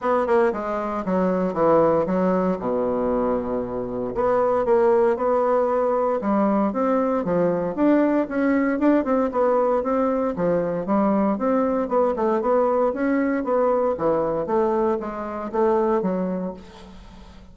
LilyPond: \new Staff \with { instrumentName = "bassoon" } { \time 4/4 \tempo 4 = 116 b8 ais8 gis4 fis4 e4 | fis4 b,2. | b4 ais4 b2 | g4 c'4 f4 d'4 |
cis'4 d'8 c'8 b4 c'4 | f4 g4 c'4 b8 a8 | b4 cis'4 b4 e4 | a4 gis4 a4 fis4 | }